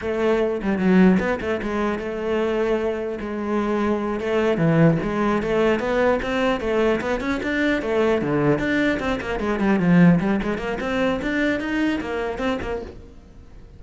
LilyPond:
\new Staff \with { instrumentName = "cello" } { \time 4/4 \tempo 4 = 150 a4. g8 fis4 b8 a8 | gis4 a2. | gis2~ gis8 a4 e8~ | e8 gis4 a4 b4 c'8~ |
c'8 a4 b8 cis'8 d'4 a8~ | a8 d4 d'4 c'8 ais8 gis8 | g8 f4 g8 gis8 ais8 c'4 | d'4 dis'4 ais4 c'8 ais8 | }